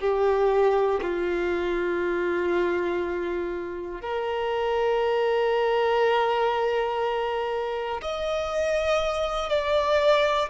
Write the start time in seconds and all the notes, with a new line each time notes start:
0.00 G4
1.01 F4
4.00 A#4
8.01 D#5
9.49 D5